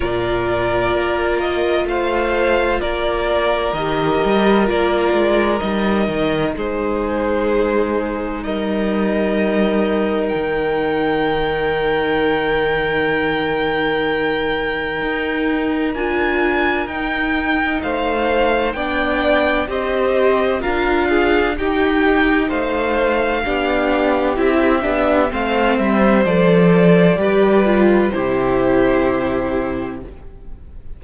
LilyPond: <<
  \new Staff \with { instrumentName = "violin" } { \time 4/4 \tempo 4 = 64 d''4. dis''8 f''4 d''4 | dis''4 d''4 dis''4 c''4~ | c''4 dis''2 g''4~ | g''1~ |
g''4 gis''4 g''4 f''4 | g''4 dis''4 f''4 g''4 | f''2 e''4 f''8 e''8 | d''2 c''2 | }
  \new Staff \with { instrumentName = "violin" } { \time 4/4 ais'2 c''4 ais'4~ | ais'2. gis'4~ | gis'4 ais'2.~ | ais'1~ |
ais'2. c''4 | d''4 c''4 ais'8 gis'8 g'4 | c''4 g'2 c''4~ | c''4 b'4 g'2 | }
  \new Staff \with { instrumentName = "viola" } { \time 4/4 f'1 | g'4 f'4 dis'2~ | dis'1~ | dis'1~ |
dis'4 f'4 dis'2 | d'4 g'4 f'4 dis'4~ | dis'4 d'4 e'8 d'8 c'4 | a'4 g'8 f'8 e'2 | }
  \new Staff \with { instrumentName = "cello" } { \time 4/4 ais,4 ais4 a4 ais4 | dis8 g8 ais8 gis8 g8 dis8 gis4~ | gis4 g2 dis4~ | dis1 |
dis'4 d'4 dis'4 a4 | b4 c'4 d'4 dis'4 | a4 b4 c'8 b8 a8 g8 | f4 g4 c2 | }
>>